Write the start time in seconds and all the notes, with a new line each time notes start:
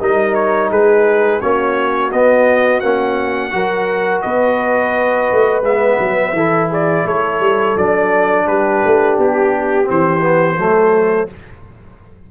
0.00 G3 D#4 A#4 D#5
0.35 C#5
0.71 G#3 G#4 B4
1.41 A#3 C#4 F#4 C#5
2.12 B3 D#5
2.80 A#3 C#4 F#5
3.51 F#3 F#4 A#4
4.22 B3 B4 D#5
5.32 A3
5.62 G#3 B3 E5
5.99 F#3
6.32 E3 E4 A4
6.70 G#4 D5
7.05 A3 A4 C#5
7.40 G3
7.77 F#3 D4 D5
8.46 G3 G4 B4
8.85 A3
9.18 B3 G4
9.85 E3 C4 C5
10.21 B3
10.57 F#3 A3 A4